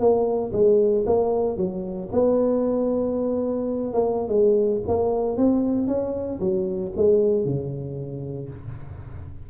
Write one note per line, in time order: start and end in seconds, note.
0.00 0.52 A#3
0.53 1.05 G#3
1.06 1.57 A#3
1.57 2.09 F#3
2.12 3.94 B3
3.94 4.29 A#3
4.29 4.81 G#3
4.88 5.37 A#3
5.37 5.88 C4
5.88 6.40 C#4
6.40 6.92 F#3
6.97 7.45 G#3
7.45 8.49 C#3